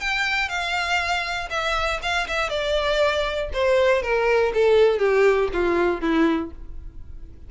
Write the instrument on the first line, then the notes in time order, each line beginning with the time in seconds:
violin
0.00 G5
0.49 F5
1.50 E5
2.02 F5
2.27 E5
2.49 D5
3.53 C5
4.02 A#4
4.54 A4
4.98 G4
5.52 F4
6.00 E4